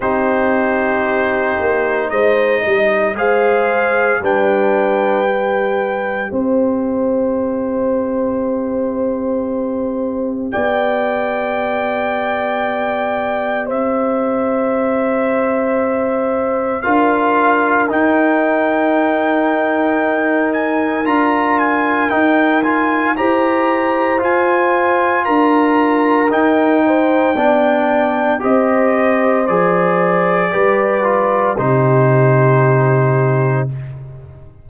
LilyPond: <<
  \new Staff \with { instrumentName = "trumpet" } { \time 4/4 \tempo 4 = 57 c''2 dis''4 f''4 | g''2 e''2~ | e''2 g''2~ | g''4 e''2. |
f''4 g''2~ g''8 gis''8 | ais''8 gis''8 g''8 gis''8 ais''4 gis''4 | ais''4 g''2 dis''4 | d''2 c''2 | }
  \new Staff \with { instrumentName = "horn" } { \time 4/4 g'2 c''8 dis''8 c''4 | b'2 c''2~ | c''2 d''2~ | d''4 c''2. |
ais'1~ | ais'2 c''2 | ais'4. c''8 d''4 c''4~ | c''4 b'4 g'2 | }
  \new Staff \with { instrumentName = "trombone" } { \time 4/4 dis'2. gis'4 | d'4 g'2.~ | g'1~ | g'1 |
f'4 dis'2. | f'4 dis'8 f'8 g'4 f'4~ | f'4 dis'4 d'4 g'4 | gis'4 g'8 f'8 dis'2 | }
  \new Staff \with { instrumentName = "tuba" } { \time 4/4 c'4. ais8 gis8 g8 gis4 | g2 c'2~ | c'2 b2~ | b4 c'2. |
d'4 dis'2. | d'4 dis'4 e'4 f'4 | d'4 dis'4 b4 c'4 | f4 g4 c2 | }
>>